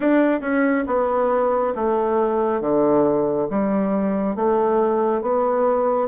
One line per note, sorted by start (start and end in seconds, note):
0.00 0.40 D4
0.40 0.84 C#4
0.87 1.74 B3
1.75 2.60 A3
2.60 3.47 D3
3.49 4.35 G3
4.35 5.21 A3
5.21 6.08 B3